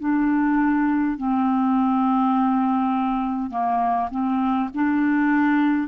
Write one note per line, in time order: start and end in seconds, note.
0.00 1.18 D4
1.18 3.50 C4
3.50 4.09 A#3
4.11 4.70 C4
4.74 5.88 D4